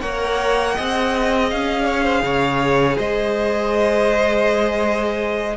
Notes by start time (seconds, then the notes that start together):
0.00 A#3 A#4 C#5 F#5
0.75 C4 G#4 D#5
1.50 C#4 F5
1.86 C#5
2.04 C5
2.22 C#3 C#5
2.97 G#3 C5 D#5